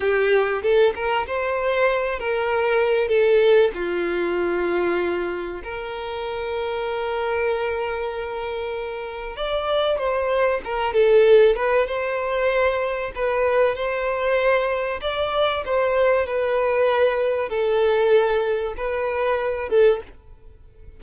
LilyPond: \new Staff \with { instrumentName = "violin" } { \time 4/4 \tempo 4 = 96 g'4 a'8 ais'8 c''4. ais'8~ | ais'4 a'4 f'2~ | f'4 ais'2.~ | ais'2. d''4 |
c''4 ais'8 a'4 b'8 c''4~ | c''4 b'4 c''2 | d''4 c''4 b'2 | a'2 b'4. a'8 | }